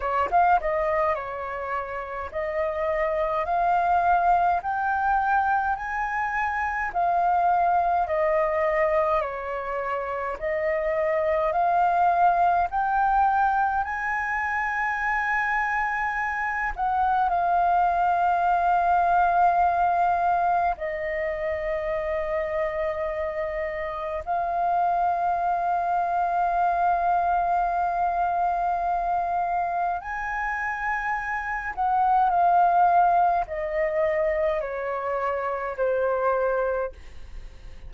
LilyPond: \new Staff \with { instrumentName = "flute" } { \time 4/4 \tempo 4 = 52 cis''16 f''16 dis''8 cis''4 dis''4 f''4 | g''4 gis''4 f''4 dis''4 | cis''4 dis''4 f''4 g''4 | gis''2~ gis''8 fis''8 f''4~ |
f''2 dis''2~ | dis''4 f''2.~ | f''2 gis''4. fis''8 | f''4 dis''4 cis''4 c''4 | }